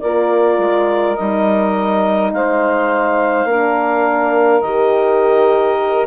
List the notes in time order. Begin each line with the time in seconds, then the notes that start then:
0.00 A#3 F4 A#4 D5
0.58 G#3
1.16 G3 D#4 D#5
2.32 G#3 C5 F5
3.44 A#3 D4 A#4
4.61 D#3 G4 D#5